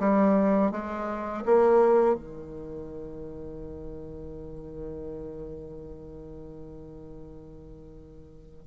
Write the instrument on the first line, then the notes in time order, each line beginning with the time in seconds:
bassoon
0.00 G3
0.72 G#3
1.46 A#3
2.15 D#3